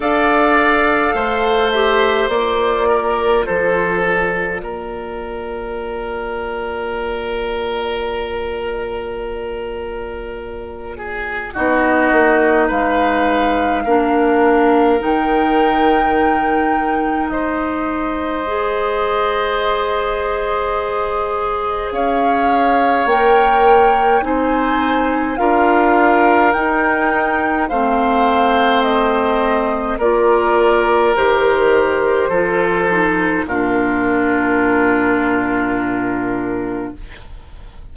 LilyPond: <<
  \new Staff \with { instrumentName = "flute" } { \time 4/4 \tempo 4 = 52 f''4. e''8 d''4 c''8 d''8~ | d''1~ | d''2 dis''4 f''4~ | f''4 g''2 dis''4~ |
dis''2. f''4 | g''4 gis''4 f''4 g''4 | f''4 dis''4 d''4 c''4~ | c''4 ais'2. | }
  \new Staff \with { instrumentName = "oboe" } { \time 4/4 d''4 c''4. ais'8 a'4 | ais'1~ | ais'4. gis'8 fis'4 b'4 | ais'2. c''4~ |
c''2. cis''4~ | cis''4 c''4 ais'2 | c''2 ais'2 | a'4 f'2. | }
  \new Staff \with { instrumentName = "clarinet" } { \time 4/4 a'4. g'8 f'2~ | f'1~ | f'2 dis'2 | d'4 dis'2. |
gis'1 | ais'4 dis'4 f'4 dis'4 | c'2 f'4 g'4 | f'8 dis'8 d'2. | }
  \new Staff \with { instrumentName = "bassoon" } { \time 4/4 d'4 a4 ais4 f4 | ais1~ | ais2 b8 ais8 gis4 | ais4 dis2 gis4~ |
gis2. cis'4 | ais4 c'4 d'4 dis'4 | a2 ais4 dis4 | f4 ais,2. | }
>>